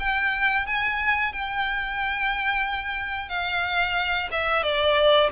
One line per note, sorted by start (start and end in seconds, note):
0.00 0.67 G5
0.67 1.33 G#5
1.33 3.30 G5
3.30 4.30 F5
4.32 4.63 E5
4.63 5.30 D5